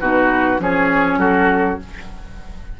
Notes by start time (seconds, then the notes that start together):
0.00 B2 D#4 F#4 B4
0.59 F3 C#4 G#4 C#5
1.17 F#3 F#4 A4